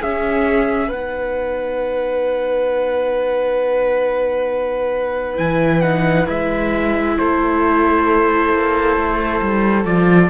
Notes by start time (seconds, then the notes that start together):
0.00 C#4 G#4 E5
0.88 B3 D#4 B4 F#5
5.37 E3 E4 G#5
5.81 D#4 F#5
6.26 G#3 E4 E5
7.19 A3 A4 C5
8.54 A#3
8.97 A3
9.42 G3
9.85 F3 F4 D5